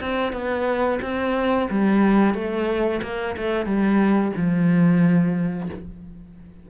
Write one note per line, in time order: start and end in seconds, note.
0.00 0.32 C4
0.32 0.99 B3
1.02 1.68 C4
1.70 2.34 G3
2.34 3.01 A3
3.02 3.35 A#3
3.37 3.65 A3
3.65 4.32 G3
4.36 5.69 F3